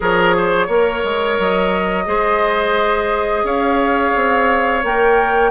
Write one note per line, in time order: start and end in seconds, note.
0.00 0.68 F3
0.00 0.69 G#4
0.00 0.35 A#4
0.00 1.40 C#5
0.37 0.66 C5
0.66 1.02 A#3
0.66 2.05 A#4
0.66 2.04 C#5
1.04 1.38 G#3
1.38 2.06 F#3
1.38 3.46 D#5
2.05 3.43 G#3
2.05 4.81 G#4
2.05 3.44 C5
3.43 4.12 C#4
3.43 5.51 C#5
3.43 4.83 F5
4.15 4.83 C4
4.82 5.51 A#3
4.82 5.51 A#4
4.82 5.51 G5